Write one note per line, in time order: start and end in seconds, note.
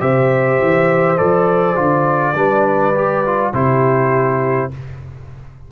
0.00 0.60 C3
0.00 1.17 G4
0.00 2.36 C5
0.00 1.17 E5
0.61 1.19 E3
1.17 1.77 F3
1.17 1.75 A4
1.17 3.53 D5
1.75 2.35 D3
1.75 2.34 F4
2.35 3.52 G3
2.35 2.94 D4
2.35 3.53 B4
2.95 3.24 G4
3.25 3.53 F4
3.53 4.70 C3
3.53 4.71 E4
3.53 4.71 G4
3.53 4.71 C5